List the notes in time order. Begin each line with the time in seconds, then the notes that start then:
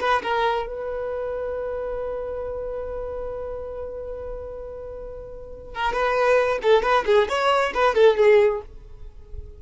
0.00 B4
0.23 A#4
0.67 B4
5.75 A#4
5.93 B4
6.62 A4
6.83 B4
7.06 G#4
7.29 C#5
7.74 B4
7.95 A4
8.17 G#4